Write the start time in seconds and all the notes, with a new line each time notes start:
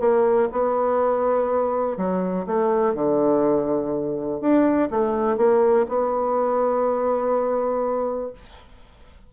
0.00 A#3
0.52 B3
1.97 F#3
2.47 A3
2.95 D3
4.41 D4
4.91 A3
5.37 A#3
5.88 B3